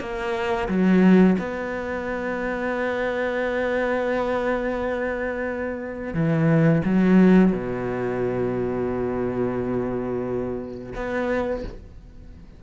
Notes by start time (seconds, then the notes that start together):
0.00 A#3
0.69 F#3
1.39 B3
6.14 E3
6.85 F#3
7.52 B2
10.95 B3